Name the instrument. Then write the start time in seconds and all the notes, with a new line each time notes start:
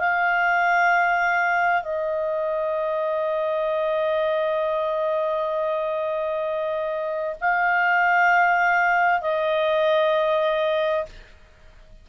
clarinet
0.00 F5
1.83 D#5
7.41 F5
9.21 D#5